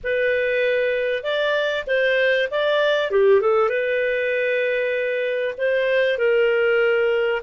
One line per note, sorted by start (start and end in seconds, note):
0.03 1.23 B4
1.23 1.84 D5
1.86 2.48 C5
2.50 3.10 D5
3.10 3.40 G4
3.40 3.69 A4
3.69 5.54 B4
5.57 6.18 C5
6.18 7.41 A#4